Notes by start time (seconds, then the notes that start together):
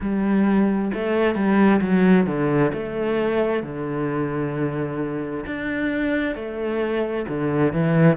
0.00 G3
0.93 A3
1.35 G3
1.81 F#3
2.26 D3
2.73 A3
3.62 D3
5.45 D4
6.35 A3
7.28 D3
7.72 E3